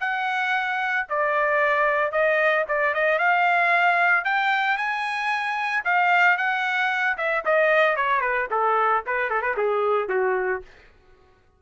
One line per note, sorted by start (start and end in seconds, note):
0.00 1.06 F#5
1.09 2.12 D5
2.12 2.65 D#5
2.68 2.94 D5
2.94 3.18 D#5
3.18 4.24 F5
4.24 4.77 G5
4.77 5.83 G#5
5.84 6.37 F5
6.37 7.17 F#5
7.17 7.44 E5
7.45 7.96 D#5
7.96 8.21 C#5
8.21 8.47 B4
8.50 9.03 A4
9.06 9.29 B4
9.29 9.41 A4
9.41 9.55 B4
9.57 10.08 G#4
10.08 10.61 F#4